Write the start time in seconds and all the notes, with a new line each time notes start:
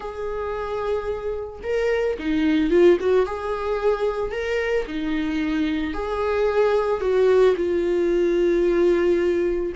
0.00 G#4
1.63 A#4
2.19 D#4
2.70 F4
3.00 F#4
3.26 G#4
4.31 A#4
4.87 D#4
5.93 G#4
7.00 F#4
7.56 F4